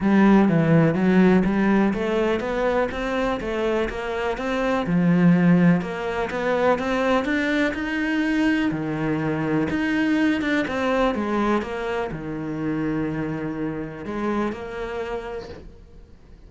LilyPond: \new Staff \with { instrumentName = "cello" } { \time 4/4 \tempo 4 = 124 g4 e4 fis4 g4 | a4 b4 c'4 a4 | ais4 c'4 f2 | ais4 b4 c'4 d'4 |
dis'2 dis2 | dis'4. d'8 c'4 gis4 | ais4 dis2.~ | dis4 gis4 ais2 | }